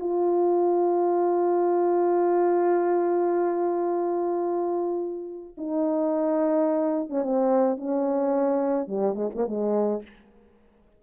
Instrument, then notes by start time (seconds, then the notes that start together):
horn
0.00 F4
5.58 D#4
7.10 C#4
7.23 C4
7.77 C#4
8.88 G3
9.15 G#3
9.35 A#3
9.47 G#3